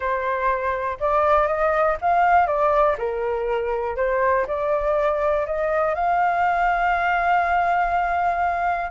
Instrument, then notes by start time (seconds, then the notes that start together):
flute
0.00 C5
1.00 D5
1.47 D#5
2.01 F5
2.47 D5
2.98 A#4
3.96 C5
4.47 D5
5.46 D#5
5.95 F5